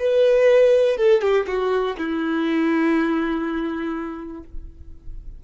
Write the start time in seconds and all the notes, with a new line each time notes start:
0.00 B4
0.97 A4
1.22 G4
1.47 F#4
1.98 E4